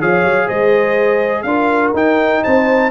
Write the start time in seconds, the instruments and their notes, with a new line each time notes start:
0.00 tuba F3, trombone G#4, horn C#5, trumpet F5
0.23 tuba F#3
0.46 tuba G#3, horn C5, trumpet D#5
1.42 tuba D4, trombone F4, horn A#4, trumpet F5
1.93 tuba D#4, trombone D#4, trumpet G5
2.43 tuba C4, horn C5, trumpet A5